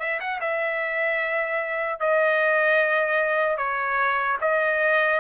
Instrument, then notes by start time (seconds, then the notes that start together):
trumpet
0.00 E5
0.20 F#5
0.41 E5
2.00 D#5
3.58 C#5
4.41 D#5